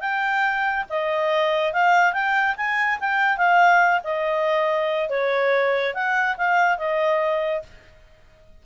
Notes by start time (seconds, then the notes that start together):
0.00 G5
0.89 D#5
1.73 F5
2.13 G5
2.57 G#5
3.00 G5
3.37 F5
4.04 D#5
5.10 C#5
5.94 F#5
6.37 F5
6.78 D#5